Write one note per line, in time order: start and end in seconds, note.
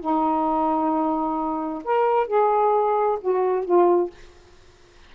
0.00 1.83 D#4
1.84 2.27 A#4
2.27 3.19 G#4
3.21 3.65 F#4
3.65 4.11 F4